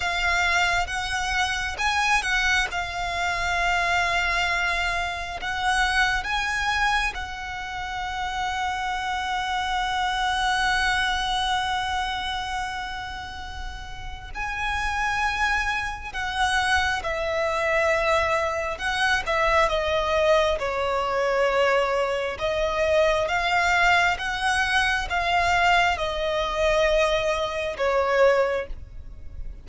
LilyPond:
\new Staff \with { instrumentName = "violin" } { \time 4/4 \tempo 4 = 67 f''4 fis''4 gis''8 fis''8 f''4~ | f''2 fis''4 gis''4 | fis''1~ | fis''1 |
gis''2 fis''4 e''4~ | e''4 fis''8 e''8 dis''4 cis''4~ | cis''4 dis''4 f''4 fis''4 | f''4 dis''2 cis''4 | }